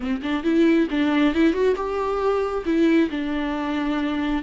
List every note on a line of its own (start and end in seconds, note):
0.00 0.21 C4
0.22 0.43 D4
0.43 0.87 E4
0.90 1.34 D4
1.34 1.53 E4
1.53 1.75 F#4
1.75 2.64 G4
2.65 3.09 E4
3.10 4.42 D4